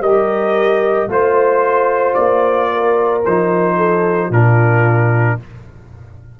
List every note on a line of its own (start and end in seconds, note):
0.00 1.07 G3
0.00 1.09 G4
0.00 1.10 A#4
0.00 1.10 D#5
1.08 2.15 A3
1.08 3.23 F4
1.08 2.14 C5
1.08 2.72 C5
2.14 3.24 A#3
2.14 3.21 D5
2.72 3.77 A#4
3.25 4.30 F3
3.25 4.32 D#4
3.25 4.32 C5
3.77 4.30 A4
4.30 5.37 A#2
4.30 5.39 D4
4.30 5.39 F4
4.30 5.39 A#4